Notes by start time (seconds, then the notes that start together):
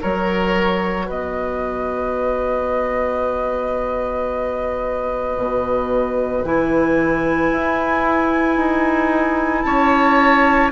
0.00 F#3 F#4 A#4 C#5
1.05 B3 B4 D#5
5.36 B2
6.44 E3 E4 G#5
7.51 E4
8.56 D#4
9.62 C#4 C#5 A5